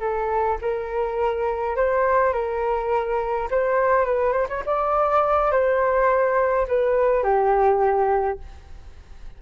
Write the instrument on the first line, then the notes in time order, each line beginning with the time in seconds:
flute
0.00 A4
0.61 A#4
1.76 C5
2.33 A#4
3.50 C5
4.05 B4
4.32 C5
4.49 C#5
4.65 D5
5.51 C5
6.68 B4
7.23 G4